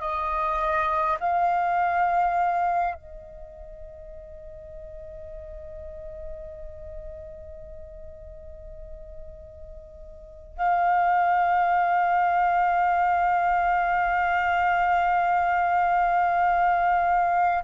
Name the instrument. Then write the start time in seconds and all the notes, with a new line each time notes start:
flute
0.00 D#5
1.20 F5
2.95 D#5
10.57 F5